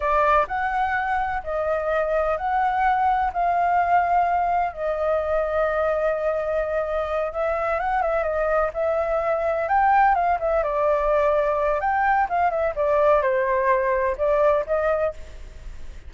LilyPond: \new Staff \with { instrumentName = "flute" } { \time 4/4 \tempo 4 = 127 d''4 fis''2 dis''4~ | dis''4 fis''2 f''4~ | f''2 dis''2~ | dis''2.~ dis''8 e''8~ |
e''8 fis''8 e''8 dis''4 e''4.~ | e''8 g''4 f''8 e''8 d''4.~ | d''4 g''4 f''8 e''8 d''4 | c''2 d''4 dis''4 | }